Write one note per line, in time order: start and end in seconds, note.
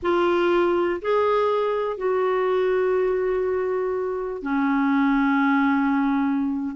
0.02 1.00 F4
1.01 1.97 G#4
1.97 4.42 F#4
4.42 6.75 C#4